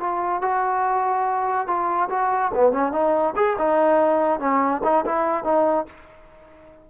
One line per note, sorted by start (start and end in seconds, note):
0.00 0.42 F4
0.42 1.68 F#4
1.68 2.10 F4
2.10 2.52 F#4
2.55 2.73 B3
2.73 2.93 C#4
2.93 3.35 D#4
3.36 3.57 G#4
3.59 4.40 D#4
4.40 4.82 C#4
4.84 5.05 D#4
5.06 5.45 E4
5.45 5.86 D#4